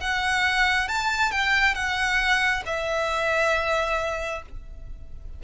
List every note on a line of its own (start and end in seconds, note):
0.00 0.88 F#5
0.88 1.31 A5
1.31 1.74 G5
1.74 2.63 F#5
2.66 4.42 E5